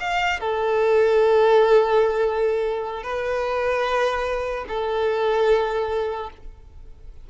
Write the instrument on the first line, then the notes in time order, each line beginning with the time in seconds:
violin
0.00 F5
0.40 A4
3.03 B4
4.68 A4